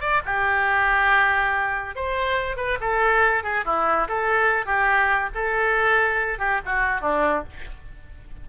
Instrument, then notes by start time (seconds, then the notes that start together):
oboe
0.00 D5
0.25 G4
1.95 C5
2.56 B4
2.80 A4
3.43 G#4
3.65 E4
4.08 A4
4.65 G4
5.34 A4
6.38 G4
6.65 F#4
7.01 D4